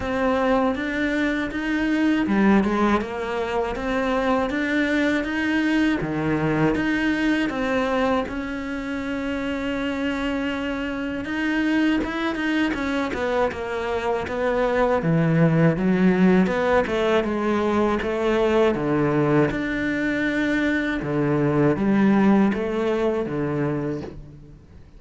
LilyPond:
\new Staff \with { instrumentName = "cello" } { \time 4/4 \tempo 4 = 80 c'4 d'4 dis'4 g8 gis8 | ais4 c'4 d'4 dis'4 | dis4 dis'4 c'4 cis'4~ | cis'2. dis'4 |
e'8 dis'8 cis'8 b8 ais4 b4 | e4 fis4 b8 a8 gis4 | a4 d4 d'2 | d4 g4 a4 d4 | }